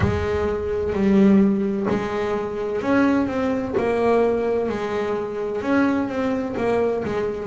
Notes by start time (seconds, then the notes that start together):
0.00 G#3
0.92 G3
1.89 G#3
2.81 C#4
3.27 C4
3.77 A#3
4.69 G#3
5.61 C#4
6.08 C4
6.56 A#3
7.04 G#3